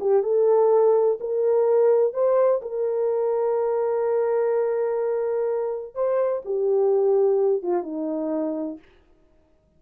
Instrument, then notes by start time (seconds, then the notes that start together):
horn
0.00 G4
0.23 A4
1.20 A#4
2.13 C5
2.61 A#4
5.94 C5
6.45 G4
7.62 F4
7.83 D#4